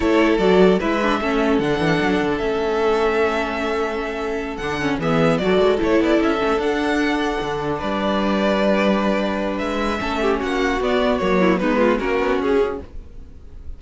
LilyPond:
<<
  \new Staff \with { instrumentName = "violin" } { \time 4/4 \tempo 4 = 150 cis''4 d''4 e''2 | fis''2 e''2~ | e''2.~ e''8 fis''8~ | fis''8 e''4 d''4 cis''8 d''8 e''8~ |
e''8 fis''2. d''8~ | d''1 | e''2 fis''4 d''4 | cis''4 b'4 ais'4 gis'4 | }
  \new Staff \with { instrumentName = "violin" } { \time 4/4 a'2 b'4 a'4~ | a'1~ | a'1~ | a'8 gis'4 a'2~ a'8~ |
a'2.~ a'8 b'8~ | b'1~ | b'4 a'8 g'8 fis'2~ | fis'8 e'8 dis'8 f'8 fis'2 | }
  \new Staff \with { instrumentName = "viola" } { \time 4/4 e'4 fis'4 e'8 d'8 cis'4 | d'2 cis'2~ | cis'2.~ cis'8 d'8 | cis'8 b4 fis'4 e'4. |
cis'8 d'2.~ d'8~ | d'1~ | d'4 cis'2 b4 | ais4 b4 cis'2 | }
  \new Staff \with { instrumentName = "cello" } { \time 4/4 a4 fis4 gis4 a4 | d8 e8 fis8 d8 a2~ | a2.~ a8 d8~ | d8 e4 fis8 gis8 a8 b8 cis'8 |
a8 d'2 d4 g8~ | g1 | gis4 a4 ais4 b4 | fis4 gis4 ais8 b8 cis'4 | }
>>